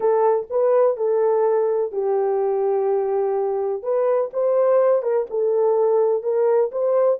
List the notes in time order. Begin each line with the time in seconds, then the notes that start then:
0.00 A4
0.49 B4
0.96 A4
1.92 G4
3.83 B4
4.33 C5
5.02 A#4
5.30 A4
6.23 A#4
6.71 C5